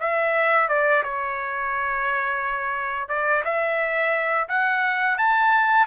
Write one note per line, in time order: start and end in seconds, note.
0.00 0.69 E5
0.69 1.03 D5
1.04 3.09 C#5
3.09 3.43 D5
3.45 4.49 E5
4.49 5.18 F#5
5.18 5.87 A5